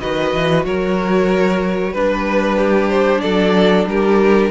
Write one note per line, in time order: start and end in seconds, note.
0.00 0.34 D#3
0.00 1.95 F#4
0.00 0.65 B4
0.00 0.65 D#5
0.34 0.65 E3
0.65 1.93 F#3
0.65 1.93 A#4
0.65 1.94 C#5
1.93 3.22 G3
1.93 4.50 D4
1.93 2.57 B4
1.93 2.89 B4
2.57 3.21 G4
2.89 3.21 C5
3.21 3.86 F#3
3.21 3.87 A4
3.21 3.85 D5
3.86 4.50 G3
3.86 4.50 G4
3.86 4.50 A#4